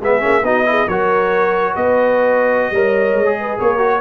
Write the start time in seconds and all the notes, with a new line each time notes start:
0.00 G#3 B3 G#4 E5
0.20 A#3 C#4
0.43 B3 D#4 F#4 D#5
0.65 E4 G#4
0.87 F#3 F#4 A#4 C#5
1.73 B3 B4 D#5
2.71 G3 A#4 C#5
3.14 G#3
3.25 G#4
3.40 B4
3.58 A#3 A#4 C#5
3.78 F#4